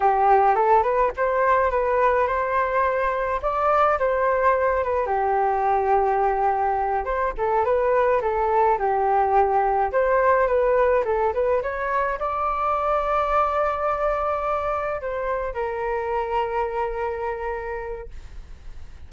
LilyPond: \new Staff \with { instrumentName = "flute" } { \time 4/4 \tempo 4 = 106 g'4 a'8 b'8 c''4 b'4 | c''2 d''4 c''4~ | c''8 b'8 g'2.~ | g'8 c''8 a'8 b'4 a'4 g'8~ |
g'4. c''4 b'4 a'8 | b'8 cis''4 d''2~ d''8~ | d''2~ d''8 c''4 ais'8~ | ais'1 | }